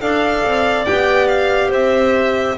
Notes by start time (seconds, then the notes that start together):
0.00 D4 A4 D5 F5
0.44 C4
0.85 B3 G4 G5
1.28 F5
1.69 C4 C5 E5